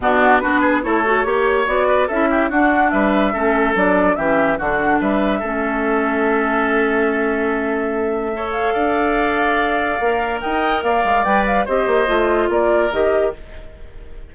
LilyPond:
<<
  \new Staff \with { instrumentName = "flute" } { \time 4/4 \tempo 4 = 144 fis'4 b'4 cis''2 | d''4 e''4 fis''4 e''4~ | e''4 d''4 e''4 fis''4 | e''1~ |
e''1~ | e''8 f''2.~ f''8~ | f''4 g''4 f''4 g''8 f''8 | dis''2 d''4 dis''4 | }
  \new Staff \with { instrumentName = "oboe" } { \time 4/4 d'4 fis'8 gis'8 a'4 cis''4~ | cis''8 b'8 a'8 g'8 fis'4 b'4 | a'2 g'4 fis'4 | b'4 a'2.~ |
a'1 | cis''4 d''2.~ | d''4 dis''4 d''2 | c''2 ais'2 | }
  \new Staff \with { instrumentName = "clarinet" } { \time 4/4 b4 d'4 e'8 fis'8 g'4 | fis'4 e'4 d'2 | cis'4 d'4 cis'4 d'4~ | d'4 cis'2.~ |
cis'1 | a'1 | ais'2. b'4 | g'4 f'2 g'4 | }
  \new Staff \with { instrumentName = "bassoon" } { \time 4/4 b,4 b4 a4 ais4 | b4 cis'4 d'4 g4 | a4 fis4 e4 d4 | g4 a2.~ |
a1~ | a4 d'2. | ais4 dis'4 ais8 gis8 g4 | c'8 ais8 a4 ais4 dis4 | }
>>